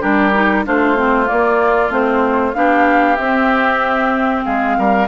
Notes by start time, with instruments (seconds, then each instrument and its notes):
0.00 bassoon G3, clarinet D4, oboe G4, flute A#4
0.34 clarinet D#4
0.65 bassoon A3, clarinet D4, oboe F4, flute C5
0.96 clarinet C4
1.25 clarinet A#3, bassoon A#3, flute D5
1.90 bassoon A3, clarinet C4, flute C5
2.54 bassoon B3, clarinet D4, oboe G4, flute F5
3.16 bassoon C4, clarinet C4, flute E5
4.45 bassoon G#3, oboe G#4, flute F5
4.78 bassoon G3, oboe A#4